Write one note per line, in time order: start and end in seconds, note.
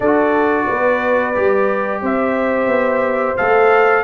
0.00 0.67 D4
0.00 1.34 F#4
0.00 0.67 A4
0.00 2.02 D5
0.67 1.36 B3
0.67 2.02 B4
1.34 2.02 G3
1.34 3.37 G4
2.02 2.66 C4
2.02 4.04 C5
2.02 3.36 E5
2.66 3.34 B3
3.36 4.04 A3
3.36 4.04 A4
3.36 4.04 F5